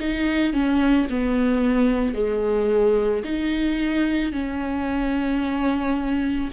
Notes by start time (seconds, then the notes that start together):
0.00 D#4
0.53 C#4
1.10 B3
2.14 G#3
3.24 D#4
4.32 C#4